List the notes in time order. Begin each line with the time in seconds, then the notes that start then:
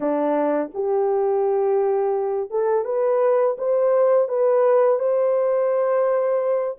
0.00 D4
0.73 G4
2.50 A4
2.84 B4
3.57 C5
4.28 B4
4.99 C5